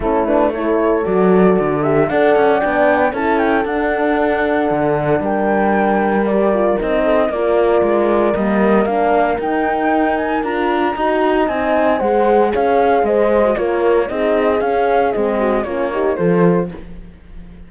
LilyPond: <<
  \new Staff \with { instrumentName = "flute" } { \time 4/4 \tempo 4 = 115 a'8 b'8 cis''4 d''4. e''8 | fis''4 g''4 a''8 g''8 fis''4~ | fis''2 g''2 | d''4 dis''4 d''2 |
dis''4 f''4 g''4. gis''8 | ais''2 gis''4 fis''4 | f''4 dis''4 cis''4 dis''4 | f''4 dis''4 cis''4 c''4 | }
  \new Staff \with { instrumentName = "horn" } { \time 4/4 e'4 a'2. | d''2 a'2~ | a'2 ais'2~ | ais'4. a'8 ais'2~ |
ais'1~ | ais'4 dis''2 c''4 | cis''4 c''4 ais'4 gis'4~ | gis'4. fis'8 f'8 g'8 a'4 | }
  \new Staff \with { instrumentName = "horn" } { \time 4/4 cis'8 d'8 e'4 fis'4. g'8 | a'4 d'4 e'4 d'4~ | d'1 | g'8 f'8 dis'4 f'2 |
ais4 d'4 dis'2 | f'4 fis'4 dis'4 gis'4~ | gis'4.~ gis'16 fis'16 f'4 dis'4 | cis'4 c'4 cis'8 dis'8 f'4 | }
  \new Staff \with { instrumentName = "cello" } { \time 4/4 a2 fis4 d4 | d'8 cis'8 b4 cis'4 d'4~ | d'4 d4 g2~ | g4 c'4 ais4 gis4 |
g4 ais4 dis'2 | d'4 dis'4 c'4 gis4 | cis'4 gis4 ais4 c'4 | cis'4 gis4 ais4 f4 | }
>>